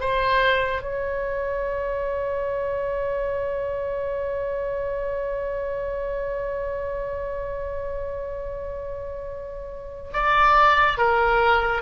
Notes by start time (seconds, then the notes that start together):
0.00 C5
0.82 C#5
10.13 D5
10.98 A#4